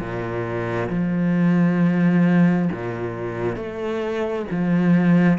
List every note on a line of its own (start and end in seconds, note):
0.00 0.90 A#2
0.90 2.69 F3
2.72 3.56 A#2
3.56 4.46 A3
4.51 5.39 F3